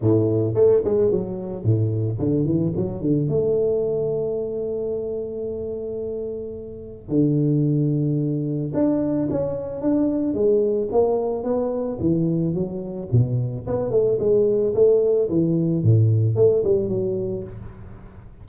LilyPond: \new Staff \with { instrumentName = "tuba" } { \time 4/4 \tempo 4 = 110 a,4 a8 gis8 fis4 a,4 | d8 e8 fis8 d8 a2~ | a1~ | a4 d2. |
d'4 cis'4 d'4 gis4 | ais4 b4 e4 fis4 | b,4 b8 a8 gis4 a4 | e4 a,4 a8 g8 fis4 | }